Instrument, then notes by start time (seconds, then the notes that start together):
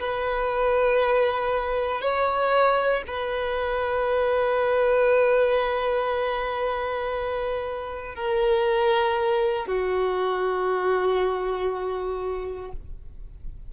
violin
0.00 B4
2.01 C#5
3.07 B4
8.15 A#4
9.67 F#4